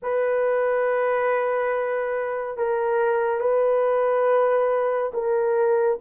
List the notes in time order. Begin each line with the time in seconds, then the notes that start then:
0.02 B4
2.57 A#4
3.40 B4
5.13 A#4